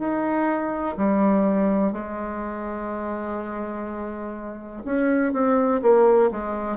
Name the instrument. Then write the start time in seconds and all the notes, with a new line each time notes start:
bassoon
0.00 D#4
0.98 G3
1.93 G#3
4.85 C#4
5.33 C4
5.82 A#3
6.32 G#3